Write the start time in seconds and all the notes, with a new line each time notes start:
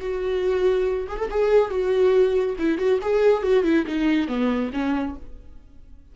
0.00 F#4
1.08 G#4
1.18 A4
1.30 G#4
1.70 F#4
2.58 E4
2.78 F#4
3.01 G#4
3.42 F#4
3.64 E4
3.86 D#4
4.27 B3
4.73 C#4